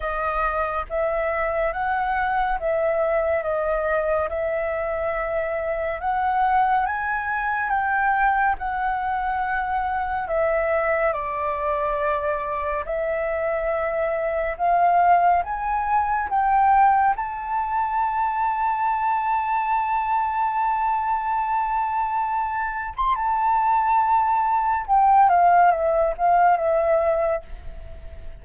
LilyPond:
\new Staff \with { instrumentName = "flute" } { \time 4/4 \tempo 4 = 70 dis''4 e''4 fis''4 e''4 | dis''4 e''2 fis''4 | gis''4 g''4 fis''2 | e''4 d''2 e''4~ |
e''4 f''4 gis''4 g''4 | a''1~ | a''2~ a''8. c'''16 a''4~ | a''4 g''8 f''8 e''8 f''8 e''4 | }